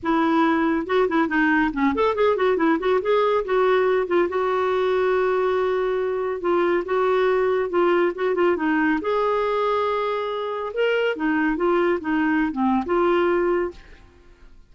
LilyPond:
\new Staff \with { instrumentName = "clarinet" } { \time 4/4 \tempo 4 = 140 e'2 fis'8 e'8 dis'4 | cis'8 a'8 gis'8 fis'8 e'8 fis'8 gis'4 | fis'4. f'8 fis'2~ | fis'2. f'4 |
fis'2 f'4 fis'8 f'8 | dis'4 gis'2.~ | gis'4 ais'4 dis'4 f'4 | dis'4~ dis'16 c'8. f'2 | }